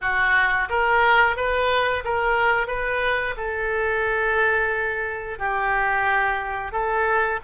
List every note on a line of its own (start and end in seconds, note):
0.01 0.68 F#4
0.69 1.36 A#4
1.36 2.03 B4
2.04 2.67 A#4
2.67 3.34 B4
3.36 5.38 A4
5.38 6.72 G4
6.72 7.39 A4